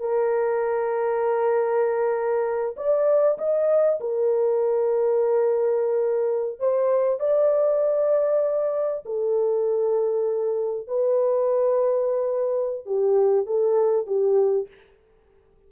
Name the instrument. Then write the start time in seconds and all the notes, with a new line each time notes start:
horn
0.00 A#4
2.77 D5
3.38 D#5
4.00 A#4
6.60 C5
7.20 D5
9.06 A4
10.88 B4
12.86 G4
13.46 A4
14.07 G4